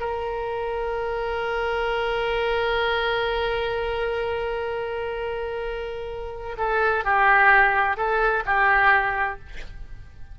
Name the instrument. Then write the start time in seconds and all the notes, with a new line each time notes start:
oboe
0.00 A#4
6.58 A4
7.04 G4
7.97 A4
8.45 G4